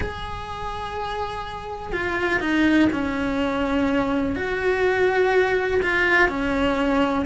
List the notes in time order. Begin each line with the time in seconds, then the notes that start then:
0.00 G#4
1.92 F4
2.40 D#4
2.92 C#4
4.35 F#4
5.82 F4
6.28 C#4